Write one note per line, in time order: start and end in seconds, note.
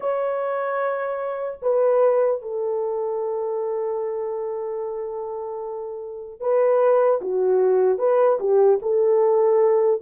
0.00 1.58 C#5
1.62 2.41 B4
2.41 6.40 A4
6.40 7.20 B4
7.21 7.98 F#4
7.98 8.38 B4
8.39 8.79 G4
8.81 10.01 A4